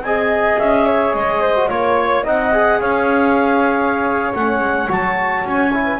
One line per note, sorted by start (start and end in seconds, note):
0.00 0.56 C4
0.00 0.85 D#5
0.00 0.58 G#5
0.06 1.55 G#4
0.58 1.14 C#4
0.58 1.13 E5
0.85 1.41 C#5
1.13 1.69 G#3
1.13 1.68 D#5
1.41 1.69 C5
1.55 1.69 F#4
1.68 2.24 A#3
1.68 2.24 F4
1.68 2.24 C#5
1.68 2.23 C#5
2.23 2.80 C4
2.23 2.52 D#4
2.23 2.79 D#5
2.23 2.81 F#5
2.52 4.33 G#4
2.80 4.33 C#4
2.80 5.84 C#5
2.80 4.33 F5
4.33 4.60 A3
4.33 4.87 C#4
4.33 4.89 F#5
4.60 4.87 G#3
4.87 5.44 F#3
4.87 5.71 F#4
4.87 5.46 A5
5.44 5.99 C#4
5.44 5.99 G#5
5.73 5.99 E4
5.84 5.98 B4